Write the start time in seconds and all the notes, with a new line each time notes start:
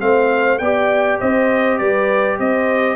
0.00 A3 C4 C5 F5
0.59 B3 G4 D5 G5
1.20 C4 C5 D#5
1.78 G3 B4 D5
2.39 C4 C5 D#5